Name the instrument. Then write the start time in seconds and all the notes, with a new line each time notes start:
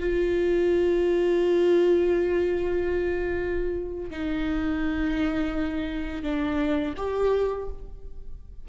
viola
0.00 F4
4.11 D#4
6.23 D4
6.97 G4